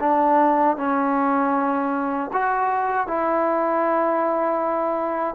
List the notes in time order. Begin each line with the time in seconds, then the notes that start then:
0.00 D4
0.77 C#4
2.33 F#4
3.07 E4